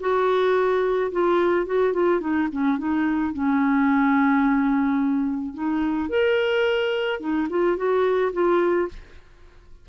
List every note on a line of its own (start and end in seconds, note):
0.00 1.11 F#4
1.12 1.66 F4
1.66 1.93 F#4
1.93 2.20 F4
2.20 2.48 D#4
2.52 2.78 C#4
2.78 3.33 D#4
3.33 5.54 C#4
5.54 6.09 D#4
6.09 7.20 A#4
7.20 7.48 D#4
7.49 7.77 F4
7.77 8.32 F#4
8.33 8.88 F4